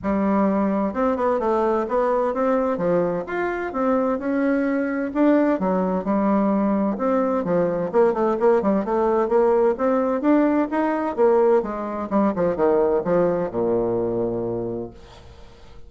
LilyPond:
\new Staff \with { instrumentName = "bassoon" } { \time 4/4 \tempo 4 = 129 g2 c'8 b8 a4 | b4 c'4 f4 f'4 | c'4 cis'2 d'4 | fis4 g2 c'4 |
f4 ais8 a8 ais8 g8 a4 | ais4 c'4 d'4 dis'4 | ais4 gis4 g8 f8 dis4 | f4 ais,2. | }